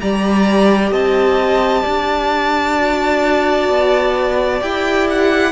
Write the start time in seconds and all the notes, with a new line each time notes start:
0.00 G3 G4 D5 A#5
0.91 C4 D#5 A5
1.82 D4 D5
2.77 F#4
3.69 B3
4.60 E4 G4 G5
5.10 F#5